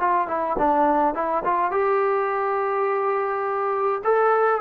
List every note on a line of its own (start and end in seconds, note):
0.00 0.28 F4
0.28 0.57 E4
0.59 1.15 D4
1.15 1.43 E4
1.45 1.72 F4
1.72 4.02 G4
4.04 4.61 A4